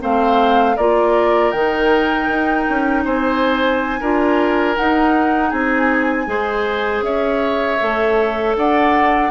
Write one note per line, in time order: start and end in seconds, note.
0.00 0.78 A3
0.00 0.76 C4
0.00 0.76 C5
0.00 0.77 F5
0.76 1.53 A#3
0.76 1.54 F4
0.76 3.04 A#4
0.76 1.52 D5
1.52 2.28 D#3
1.52 4.01 D#4
1.52 3.04 G5
2.28 2.66 D#4
2.69 3.05 C#4
3.05 4.00 C4
3.05 4.00 C5
3.05 4.77 G#5
4.00 4.77 D4
4.00 4.76 F4
4.00 5.49 A#4
4.76 6.27 D#4
4.76 5.52 D#4
4.76 5.51 F#5
5.49 6.27 C4
5.49 6.25 G#4
5.49 7.03 G#5
6.27 7.02 G#3
6.27 7.78 G#4
6.27 7.05 C5
7.02 7.78 C#4
7.02 8.57 C#5
7.02 8.56 E5
7.81 8.56 A3
7.81 9.31 A4
8.56 9.31 D4
8.56 9.31 D5
8.56 9.31 F#5